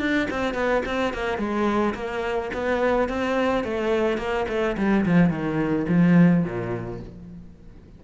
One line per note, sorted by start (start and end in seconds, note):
0.00 0.28 D4
0.31 0.54 C4
0.54 0.82 B3
0.86 1.14 C4
1.14 1.38 A#3
1.38 1.94 G#3
1.95 2.51 A#3
2.54 3.09 B3
3.09 3.64 C4
3.64 4.18 A3
4.18 4.46 A#3
4.49 4.77 A3
4.77 5.05 G3
5.06 5.30 F3
5.30 5.86 D#3
5.89 6.44 F3
6.44 7.00 A#2